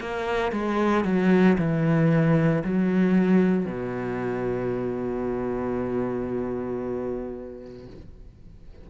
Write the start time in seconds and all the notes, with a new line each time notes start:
0.00 A#3
0.52 G#3
1.04 F#3
1.57 E3
2.64 F#3
3.65 B2